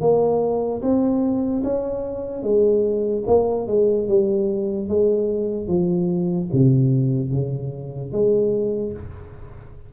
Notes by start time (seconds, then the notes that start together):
0.00 A#3
0.81 C4
1.63 C#4
2.42 G#3
3.26 A#3
3.67 G#3
4.08 G3
4.88 G#3
5.67 F3
6.52 C3
7.30 C#3
8.12 G#3